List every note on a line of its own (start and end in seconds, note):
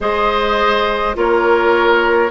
0.00 1.16 G#3
0.00 1.14 G#4
0.00 1.16 C5
0.00 1.16 D#5
1.14 2.30 A#3
1.14 2.30 F4
1.14 2.30 A#4
1.14 2.30 C#5